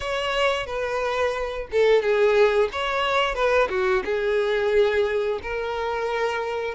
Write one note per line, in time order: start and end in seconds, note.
0.00 0.66 C#5
0.66 1.67 B4
1.71 2.02 A4
2.02 2.69 G#4
2.72 3.34 C#5
3.34 3.68 B4
3.69 4.03 F#4
4.04 5.39 G#4
5.42 6.74 A#4